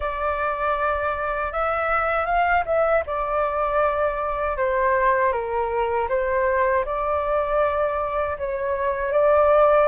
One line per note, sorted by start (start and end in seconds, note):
0.00 1.52 D5
1.52 2.25 E5
2.25 2.63 F5
2.65 3.03 E5
3.06 4.57 D5
4.57 5.32 C5
5.32 6.08 A#4
6.09 6.85 C5
6.85 8.37 D5
8.38 9.12 C#5
9.12 9.87 D5